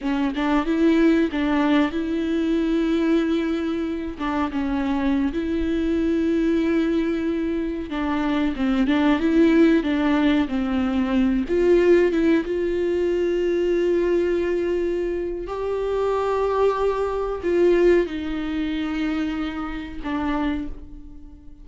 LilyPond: \new Staff \with { instrumentName = "viola" } { \time 4/4 \tempo 4 = 93 cis'8 d'8 e'4 d'4 e'4~ | e'2~ e'8 d'8 cis'4~ | cis'16 e'2.~ e'8.~ | e'16 d'4 c'8 d'8 e'4 d'8.~ |
d'16 c'4. f'4 e'8 f'8.~ | f'1 | g'2. f'4 | dis'2. d'4 | }